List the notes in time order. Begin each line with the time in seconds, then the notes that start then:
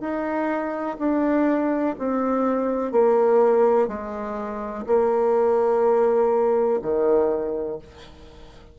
0.00 D#4
0.99 D4
1.98 C4
2.92 A#3
3.88 G#3
4.86 A#3
6.82 D#3